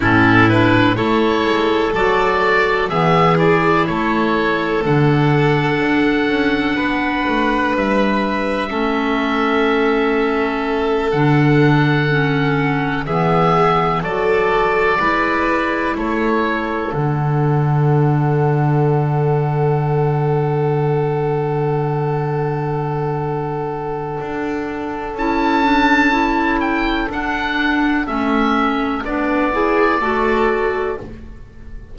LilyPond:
<<
  \new Staff \with { instrumentName = "oboe" } { \time 4/4 \tempo 4 = 62 a'8 b'8 cis''4 d''4 e''8 d''8 | cis''4 fis''2. | e''2.~ e''8 fis''8~ | fis''4. e''4 d''4.~ |
d''8 cis''4 fis''2~ fis''8~ | fis''1~ | fis''2 a''4. g''8 | fis''4 e''4 d''2 | }
  \new Staff \with { instrumentName = "violin" } { \time 4/4 e'4 a'2 gis'4 | a'2. b'4~ | b'4 a'2.~ | a'4. gis'4 a'4 b'8~ |
b'8 a'2.~ a'8~ | a'1~ | a'1~ | a'2~ a'8 gis'8 a'4 | }
  \new Staff \with { instrumentName = "clarinet" } { \time 4/4 cis'8 d'8 e'4 fis'4 b8 e'8~ | e'4 d'2.~ | d'4 cis'2~ cis'8 d'8~ | d'8 cis'4 b4 fis'4 e'8~ |
e'4. d'2~ d'8~ | d'1~ | d'2 e'8 d'8 e'4 | d'4 cis'4 d'8 e'8 fis'4 | }
  \new Staff \with { instrumentName = "double bass" } { \time 4/4 a,4 a8 gis8 fis4 e4 | a4 d4 d'8 cis'8 b8 a8 | g4 a2~ a8 d8~ | d4. e4 fis4 gis8~ |
gis8 a4 d2~ d8~ | d1~ | d4 d'4 cis'2 | d'4 a4 b4 a4 | }
>>